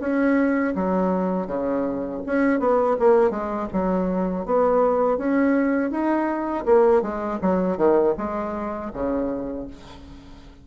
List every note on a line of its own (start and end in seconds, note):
0.00 0.74 C#4
0.75 1.47 F#3
1.47 2.21 C#3
2.26 2.60 C#4
2.60 2.97 B3
2.99 3.31 A#3
3.31 3.68 G#3
3.73 4.46 F#3
4.46 5.18 B3
5.18 5.91 C#4
5.91 6.65 D#4
6.66 7.02 A#3
7.02 7.39 G#3
7.42 7.77 F#3
7.77 8.14 D#3
8.18 8.92 G#3
8.93 9.67 C#3